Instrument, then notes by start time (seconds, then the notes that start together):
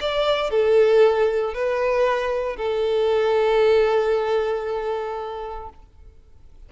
violin
0.00 D5
0.50 A4
1.53 B4
2.56 A4